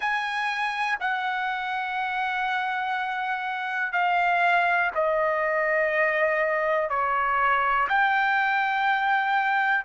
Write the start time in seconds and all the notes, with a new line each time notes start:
0.00 G#5
1.00 F#5
3.92 F5
4.94 D#5
6.89 C#5
7.89 G5